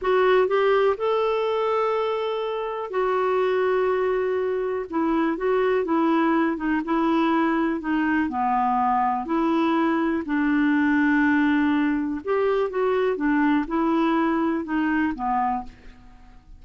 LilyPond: \new Staff \with { instrumentName = "clarinet" } { \time 4/4 \tempo 4 = 123 fis'4 g'4 a'2~ | a'2 fis'2~ | fis'2 e'4 fis'4 | e'4. dis'8 e'2 |
dis'4 b2 e'4~ | e'4 d'2.~ | d'4 g'4 fis'4 d'4 | e'2 dis'4 b4 | }